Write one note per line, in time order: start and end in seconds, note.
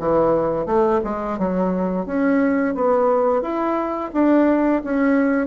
0.00 0.66 E3
0.66 1.01 A3
1.04 1.39 G#3
1.39 2.07 F#3
2.07 2.75 C#4
2.75 3.42 B3
3.42 4.11 E4
4.14 4.83 D4
4.84 5.47 C#4